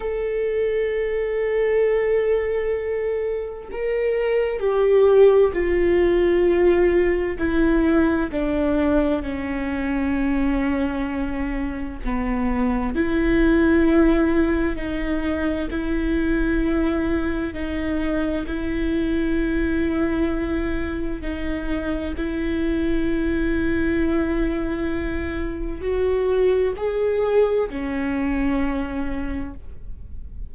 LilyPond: \new Staff \with { instrumentName = "viola" } { \time 4/4 \tempo 4 = 65 a'1 | ais'4 g'4 f'2 | e'4 d'4 cis'2~ | cis'4 b4 e'2 |
dis'4 e'2 dis'4 | e'2. dis'4 | e'1 | fis'4 gis'4 cis'2 | }